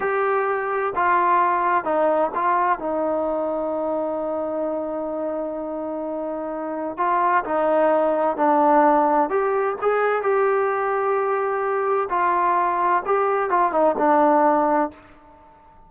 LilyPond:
\new Staff \with { instrumentName = "trombone" } { \time 4/4 \tempo 4 = 129 g'2 f'2 | dis'4 f'4 dis'2~ | dis'1~ | dis'2. f'4 |
dis'2 d'2 | g'4 gis'4 g'2~ | g'2 f'2 | g'4 f'8 dis'8 d'2 | }